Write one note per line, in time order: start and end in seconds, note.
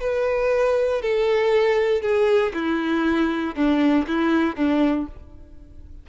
0.00 1.01 B4
1.01 2.02 A4
2.02 2.53 G#4
2.54 3.55 E4
3.55 4.06 D4
4.07 4.55 E4
4.55 5.06 D4